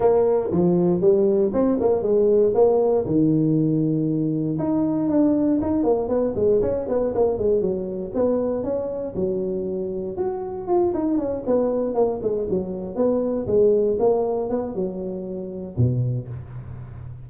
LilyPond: \new Staff \with { instrumentName = "tuba" } { \time 4/4 \tempo 4 = 118 ais4 f4 g4 c'8 ais8 | gis4 ais4 dis2~ | dis4 dis'4 d'4 dis'8 ais8 | b8 gis8 cis'8 b8 ais8 gis8 fis4 |
b4 cis'4 fis2 | fis'4 f'8 dis'8 cis'8 b4 ais8 | gis8 fis4 b4 gis4 ais8~ | ais8 b8 fis2 b,4 | }